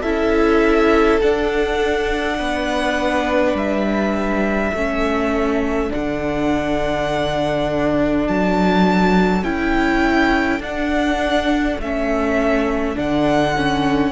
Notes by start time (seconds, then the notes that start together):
0.00 C#4 E4 A4 E5
1.21 D4 F#5
2.38 B3 B4
3.53 G3 E5
4.73 A3 C#4 A4
5.89 D3 D4 F#5
8.27 F#3 A5
9.43 C#4 E4 G5
10.59 D4 F#5
11.79 A3 C#4 E5
12.95 D3 D4 F#5
13.56 C#4